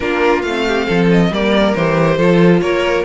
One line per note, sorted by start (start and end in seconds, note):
0.00 0.43 A#3
0.00 0.44 D4
0.00 0.66 F4
0.00 0.42 A#4
0.42 0.87 A3
0.42 1.31 C4
0.42 1.07 F5
0.67 0.86 G4
0.86 1.30 F3
0.86 1.29 A4
1.11 1.33 D#5
1.30 1.74 G3
1.30 1.75 A#3
1.30 2.17 A#4
1.30 1.74 D5
1.74 2.18 E3
1.74 2.19 G4
1.74 2.60 C5
2.17 2.61 F3
2.17 3.05 F4
2.17 2.60 A4
2.60 3.05 A#3
2.60 3.05 A#4
2.60 3.04 C#5